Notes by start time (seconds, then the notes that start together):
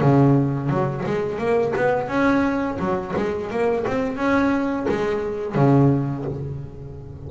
0.00 C#3
0.69 F#3
1.06 G#3
1.38 A#3
1.76 B3
2.08 C#4
2.79 F#3
3.16 G#3
3.50 A#3
3.87 C4
4.16 C#4
4.88 G#3
5.55 C#3